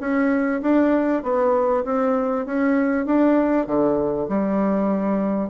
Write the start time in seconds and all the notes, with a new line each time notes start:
0.00 C#4
0.62 D4
1.22 B3
1.84 C4
2.45 C#4
3.06 D4
3.67 D3
4.29 G3